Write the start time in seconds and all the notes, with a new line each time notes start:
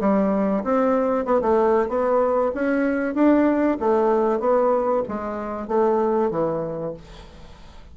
0.00 G3
0.64 C4
1.25 B3
1.42 A3
1.89 B3
2.54 C#4
3.15 D4
3.80 A3
4.40 B3
5.08 G#3
5.68 A3
6.31 E3